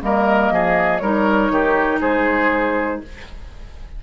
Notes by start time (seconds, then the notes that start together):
0.00 G3 A#3 A#4 D#5
0.51 F3 G#4
0.98 G3 D#4 A#4 C#5
1.50 D#3 G4
2.00 G#3 G#4 C5